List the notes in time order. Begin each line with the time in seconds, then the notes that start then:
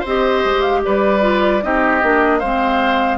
0.00 C4 G4 C5
0.06 D#5
0.44 G#3
0.61 F5
0.84 G3 B4 D5
1.21 F4
1.62 C4 D#4 G4 D#5
2.01 A#3 D4
2.39 G#3 C4 C5 F5